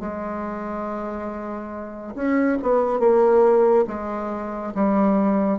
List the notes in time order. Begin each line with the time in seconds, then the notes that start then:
0.00 G#3
2.15 C#4
2.62 B3
2.99 A#3
3.88 G#3
4.75 G3